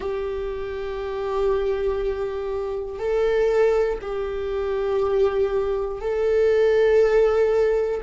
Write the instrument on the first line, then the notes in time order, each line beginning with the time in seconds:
viola
0.00 G4
2.98 A4
4.01 G4
6.01 A4